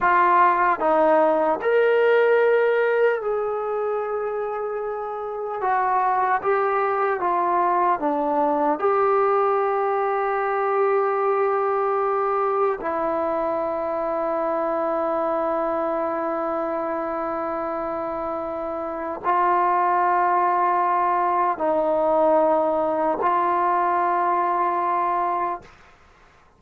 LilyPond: \new Staff \with { instrumentName = "trombone" } { \time 4/4 \tempo 4 = 75 f'4 dis'4 ais'2 | gis'2. fis'4 | g'4 f'4 d'4 g'4~ | g'1 |
e'1~ | e'1 | f'2. dis'4~ | dis'4 f'2. | }